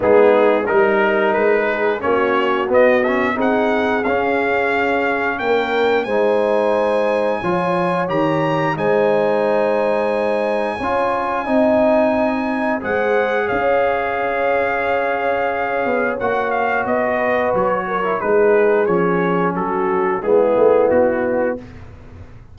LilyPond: <<
  \new Staff \with { instrumentName = "trumpet" } { \time 4/4 \tempo 4 = 89 gis'4 ais'4 b'4 cis''4 | dis''8 e''8 fis''4 f''2 | g''4 gis''2. | ais''4 gis''2.~ |
gis''2. fis''4 | f''1 | fis''8 f''8 dis''4 cis''4 b'4 | cis''4 a'4 gis'4 fis'4 | }
  \new Staff \with { instrumentName = "horn" } { \time 4/4 dis'4 ais'4. gis'8 fis'4~ | fis'4 gis'2. | ais'4 c''2 cis''4~ | cis''4 c''2. |
cis''4 dis''2 c''4 | cis''1~ | cis''4. b'4 ais'8 gis'4~ | gis'4 fis'4 e'2 | }
  \new Staff \with { instrumentName = "trombone" } { \time 4/4 b4 dis'2 cis'4 | b8 cis'8 dis'4 cis'2~ | cis'4 dis'2 f'4 | g'4 dis'2. |
f'4 dis'2 gis'4~ | gis'1 | fis'2~ fis'8. e'16 dis'4 | cis'2 b2 | }
  \new Staff \with { instrumentName = "tuba" } { \time 4/4 gis4 g4 gis4 ais4 | b4 c'4 cis'2 | ais4 gis2 f4 | dis4 gis2. |
cis'4 c'2 gis4 | cis'2.~ cis'8 b8 | ais4 b4 fis4 gis4 | f4 fis4 gis8 a8 b4 | }
>>